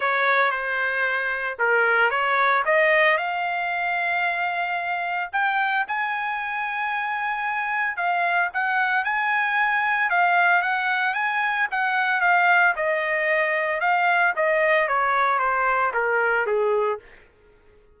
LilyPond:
\new Staff \with { instrumentName = "trumpet" } { \time 4/4 \tempo 4 = 113 cis''4 c''2 ais'4 | cis''4 dis''4 f''2~ | f''2 g''4 gis''4~ | gis''2. f''4 |
fis''4 gis''2 f''4 | fis''4 gis''4 fis''4 f''4 | dis''2 f''4 dis''4 | cis''4 c''4 ais'4 gis'4 | }